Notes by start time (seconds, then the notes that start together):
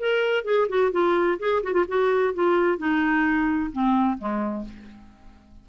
0.00 A#4
0.45 G#4
0.69 F#4
0.92 F4
1.40 G#4
1.63 F#4
1.73 F4
1.88 F#4
2.34 F4
2.78 D#4
3.73 C4
4.18 G#3